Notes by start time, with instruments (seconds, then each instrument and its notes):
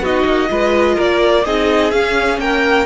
0.00 cello B3, viola D#4, violin F#4 D#5
0.26 cello A#3
0.49 cello G#3, viola F4, violin B4
0.96 cello A#3, violin A#4 D5
1.45 cello C4, viola D#4, violin G#4 D#5
1.91 viola C#4, cello C#4, violin F5
2.38 cello A#3, violin A#4 G5